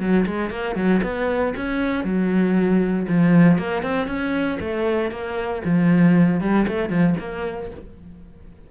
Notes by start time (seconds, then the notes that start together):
0.00 F#3
0.27 G#3
0.51 A#3
0.76 F#3
1.03 B3
1.57 C#4
2.05 F#3
3.08 F3
3.59 A#3
3.83 C4
4.07 C#4
4.60 A3
5.11 A#3
5.65 F3
6.41 G3
6.68 A3
6.90 F3
7.20 A#3